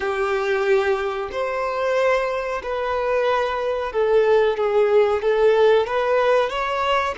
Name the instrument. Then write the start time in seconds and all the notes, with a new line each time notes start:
violin
0.00 G4
1.31 C5
2.62 B4
3.92 A4
4.57 G#4
5.22 A4
5.86 B4
6.49 C#5